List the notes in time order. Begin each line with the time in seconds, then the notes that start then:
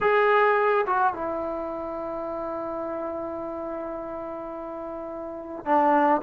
0.00 G#4
0.86 F#4
1.13 E4
5.64 D4